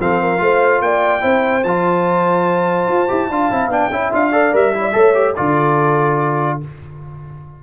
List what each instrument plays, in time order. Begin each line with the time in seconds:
0.00 tuba F3, trombone C4, horn A4, trumpet F5
0.22 horn A#4
0.38 tuba A3, trombone F4, horn C5
0.81 tuba A#3, horn D5, trumpet G5
1.21 tuba C4, trombone E4, horn C5
1.64 tuba F3, trombone F4, trumpet A5
2.88 tuba F4
3.08 tuba E4, trombone G4
3.30 tuba D4, trombone F4, horn F5
3.51 tuba C4, trombone E4
3.68 tuba B3, trombone D4, trumpet G5
3.91 tuba C#4, trombone E4, horn E5
4.12 tuba D4, trombone F4, trumpet F5
4.32 trombone A4, horn D5
4.53 tuba G3, trombone A#4, trumpet E5
4.74 trombone E4, horn C#5
4.83 horn D5
4.93 tuba A3, trombone A4, horn C#5
5.14 trombone G4
5.36 tuba D3, trombone F4, horn A4, trumpet D5